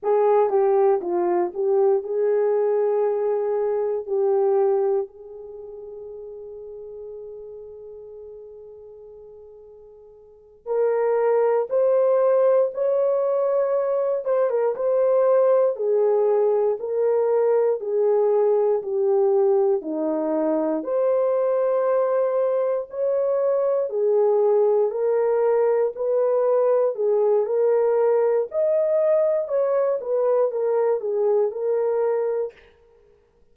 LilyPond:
\new Staff \with { instrumentName = "horn" } { \time 4/4 \tempo 4 = 59 gis'8 g'8 f'8 g'8 gis'2 | g'4 gis'2.~ | gis'2~ gis'8 ais'4 c''8~ | c''8 cis''4. c''16 ais'16 c''4 gis'8~ |
gis'8 ais'4 gis'4 g'4 dis'8~ | dis'8 c''2 cis''4 gis'8~ | gis'8 ais'4 b'4 gis'8 ais'4 | dis''4 cis''8 b'8 ais'8 gis'8 ais'4 | }